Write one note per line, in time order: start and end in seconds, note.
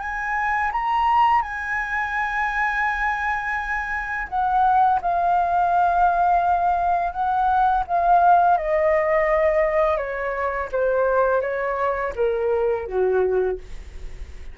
0.00 0.71 G#5
0.72 1.42 A#5
1.42 4.28 G#5
4.29 5.00 F#5
5.02 7.13 F5
7.13 7.84 F#5
7.88 8.57 F5
8.57 9.98 D#5
9.98 10.69 C#5
10.72 11.42 C5
11.42 12.13 C#5
12.16 12.87 A#4
12.87 13.58 F#4